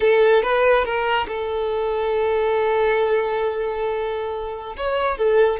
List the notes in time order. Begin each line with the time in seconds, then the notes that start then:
0.00 A4
0.42 B4
0.84 A#4
1.27 A4
4.77 C#5
5.17 A4